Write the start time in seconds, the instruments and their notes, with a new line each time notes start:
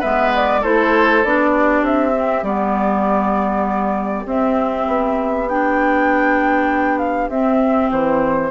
0.00 bassoon G#3, clarinet B3, oboe B4, flute E5
0.35 flute D5
0.61 bassoon A3, clarinet E4, oboe A4, flute C5
1.24 bassoon B3, clarinet D4, flute D5
1.51 oboe G4
1.82 bassoon C4, flute E5
2.12 clarinet C4
2.43 bassoon G3, clarinet B3, flute D5
4.26 bassoon C4, clarinet C4, flute E5
4.87 bassoon B3
5.49 clarinet D4, flute G5
6.98 flute F5
7.29 bassoon C4, clarinet C4, flute E5
7.91 bassoon E3, flute C5